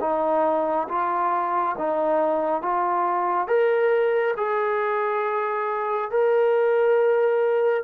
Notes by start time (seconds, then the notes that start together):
0.00 D#4
0.88 F4
1.77 D#4
2.62 F4
3.47 A#4
4.36 G#4
6.10 A#4